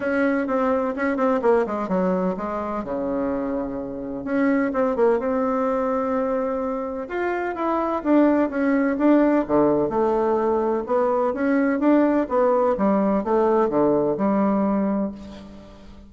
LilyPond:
\new Staff \with { instrumentName = "bassoon" } { \time 4/4 \tempo 4 = 127 cis'4 c'4 cis'8 c'8 ais8 gis8 | fis4 gis4 cis2~ | cis4 cis'4 c'8 ais8 c'4~ | c'2. f'4 |
e'4 d'4 cis'4 d'4 | d4 a2 b4 | cis'4 d'4 b4 g4 | a4 d4 g2 | }